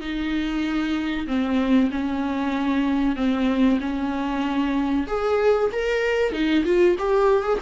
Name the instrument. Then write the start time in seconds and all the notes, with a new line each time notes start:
viola
0.00 D#4
1.27 C4
1.91 C#4
3.16 C4
3.80 C#4
5.07 G#4
5.72 A#4
6.32 D#4
6.64 F4
6.98 G4
7.43 G#4